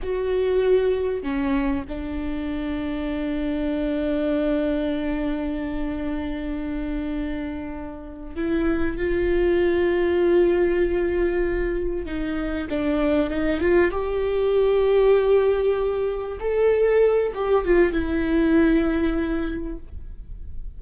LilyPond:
\new Staff \with { instrumentName = "viola" } { \time 4/4 \tempo 4 = 97 fis'2 cis'4 d'4~ | d'1~ | d'1~ | d'4. e'4 f'4.~ |
f'2.~ f'8 dis'8~ | dis'8 d'4 dis'8 f'8 g'4.~ | g'2~ g'8 a'4. | g'8 f'8 e'2. | }